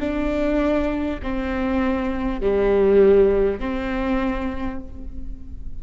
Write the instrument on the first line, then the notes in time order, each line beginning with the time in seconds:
viola
0.00 D4
1.23 C4
2.41 G3
3.60 C4